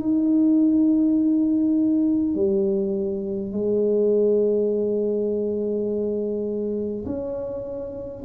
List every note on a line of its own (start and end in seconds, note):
0.00 2.35 D#4
2.35 3.52 G3
3.52 7.05 G#3
7.06 8.24 C#4